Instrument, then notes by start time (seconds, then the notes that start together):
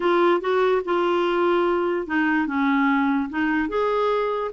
clarinet
0.00 F4
0.41 F#4
0.84 F4
2.07 D#4
2.47 C#4
3.29 D#4
3.69 G#4